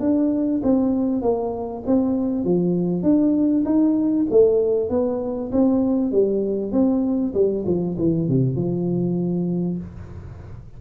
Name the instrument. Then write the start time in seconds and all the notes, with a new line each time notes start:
tuba
0.00 D4
0.63 C4
1.22 A#3
1.86 C4
2.44 F3
3.03 D4
3.65 D#4
4.31 A3
4.90 B3
5.52 C4
6.12 G3
6.72 C4
7.34 G3
7.66 F3
7.98 E3
8.28 C3
8.56 F3